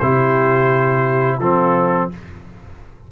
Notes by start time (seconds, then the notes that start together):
0.00 C3 E4 G4 C5
1.39 F3 C4 F4 A4